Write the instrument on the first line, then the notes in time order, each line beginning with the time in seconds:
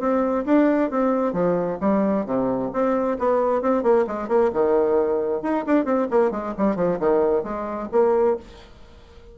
bassoon
0.00 C4
0.46 D4
0.91 C4
1.33 F3
1.81 G3
2.26 C3
2.73 C4
3.19 B3
3.62 C4
3.83 A#3
4.07 G#3
4.29 A#3
4.54 D#3
5.43 D#4
5.67 D4
5.85 C4
6.11 A#3
6.32 G#3
6.58 G3
6.76 F3
7.00 D#3
7.44 G#3
7.92 A#3